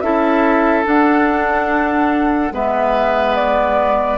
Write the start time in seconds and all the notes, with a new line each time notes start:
0.00 C#4 E4 A4 E5
0.84 D4 F#5
2.51 G#3 B3 B4 E5
3.35 D5